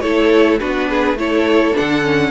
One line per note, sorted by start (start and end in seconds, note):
0.00 0.60 A3
0.00 0.60 E4
0.00 0.60 A4
0.00 0.58 C#5
0.59 1.14 B3
0.59 1.17 D4
0.59 0.89 F#4
0.59 1.17 B4
0.89 1.18 G#4
1.14 1.72 A3
1.14 1.74 E4
1.14 2.31 A4
1.14 1.76 C#5
1.74 2.02 D4
1.74 2.31 F#5
1.80 2.31 D3
2.02 2.31 C#4